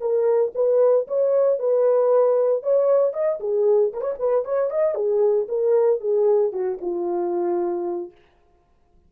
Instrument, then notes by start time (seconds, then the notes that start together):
horn
0.00 A#4
0.55 B4
1.07 C#5
1.59 B4
2.63 C#5
3.13 D#5
3.40 G#4
3.93 A#4
4.01 C#5
4.19 B4
4.44 C#5
4.70 D#5
4.94 G#4
5.48 A#4
6.00 G#4
6.52 F#4
6.81 F4